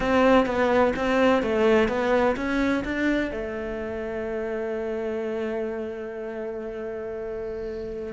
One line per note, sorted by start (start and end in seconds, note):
0.00 0.46 C4
0.46 0.93 B3
0.96 1.42 C4
1.42 1.88 A3
1.88 2.35 B3
2.36 2.83 C#4
2.84 3.31 D4
3.31 8.13 A3